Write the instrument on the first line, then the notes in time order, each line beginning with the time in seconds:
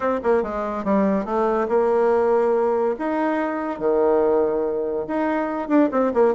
bassoon
0.00 C4
0.23 A#3
0.42 G#3
0.84 G3
1.25 A3
1.68 A#3
2.99 D#4
3.79 D#3
5.07 D#4
5.68 D4
5.91 C4
6.13 A#3